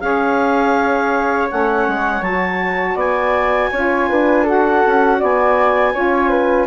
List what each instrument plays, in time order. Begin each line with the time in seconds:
0.00 bassoon C#4, saxophone G#4, flute C#5, clarinet F5
1.48 bassoon A3, saxophone C#4, clarinet F#5
1.88 bassoon G#3
2.21 bassoon F#3, saxophone F#4, clarinet A5
2.95 bassoon B3, flute D5, clarinet G#5
3.72 bassoon C#4, saxophone F4, flute C#5
4.09 bassoon D4, flute B4
4.43 saxophone F#4, flute A4, clarinet F#5
4.86 bassoon C#4
5.19 bassoon B3, flute D5, clarinet G#5
5.94 bassoon C#4, saxophone F4, flute C#5
6.29 flute B4